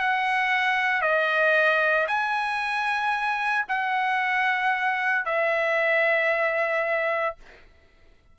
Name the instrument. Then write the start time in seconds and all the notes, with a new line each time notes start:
trumpet
0.00 F#5
1.02 D#5
2.08 G#5
3.69 F#5
5.26 E5